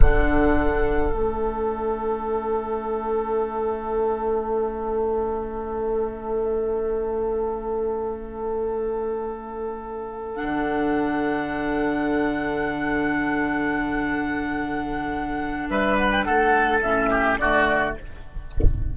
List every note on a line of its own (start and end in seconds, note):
0.00 1.11 D3
0.00 1.12 D4
0.00 15.69 A4
0.00 1.13 F#5
1.12 10.37 A3
1.12 10.35 C#4
1.12 10.35 E5
10.35 16.80 D4
10.35 15.68 F#5
10.42 15.69 D3
15.69 16.25 G3
15.69 16.25 B4
15.69 15.96 E5
15.96 16.10 F#5
16.11 16.23 G5
16.23 16.82 A3
16.23 17.09 A4
16.23 16.79 F#5
16.81 17.38 A2
16.81 17.40 C#4
16.81 17.37 E5
17.10 17.38 G4
17.38 17.95 D3
17.38 17.97 A3
17.38 17.96 F#4
17.38 17.94 D5